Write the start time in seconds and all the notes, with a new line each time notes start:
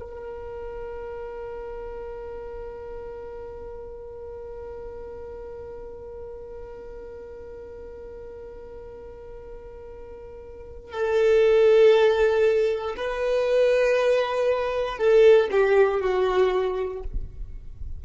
0.00 A#4
10.92 A4
12.97 B4
14.98 A4
15.52 G4
16.01 F#4